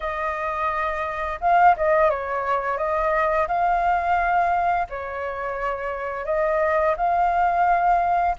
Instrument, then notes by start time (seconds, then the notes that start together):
flute
0.00 D#5
1.40 F5
1.76 D#5
2.10 C#5
2.77 D#5
3.47 F5
4.89 C#5
6.25 D#5
6.96 F5